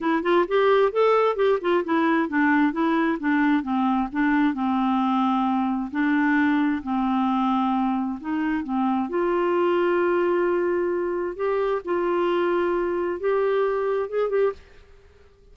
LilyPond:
\new Staff \with { instrumentName = "clarinet" } { \time 4/4 \tempo 4 = 132 e'8 f'8 g'4 a'4 g'8 f'8 | e'4 d'4 e'4 d'4 | c'4 d'4 c'2~ | c'4 d'2 c'4~ |
c'2 dis'4 c'4 | f'1~ | f'4 g'4 f'2~ | f'4 g'2 gis'8 g'8 | }